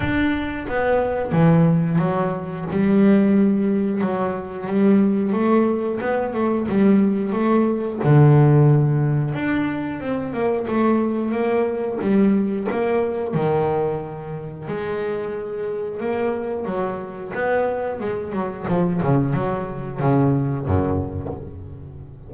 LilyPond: \new Staff \with { instrumentName = "double bass" } { \time 4/4 \tempo 4 = 90 d'4 b4 e4 fis4 | g2 fis4 g4 | a4 b8 a8 g4 a4 | d2 d'4 c'8 ais8 |
a4 ais4 g4 ais4 | dis2 gis2 | ais4 fis4 b4 gis8 fis8 | f8 cis8 fis4 cis4 fis,4 | }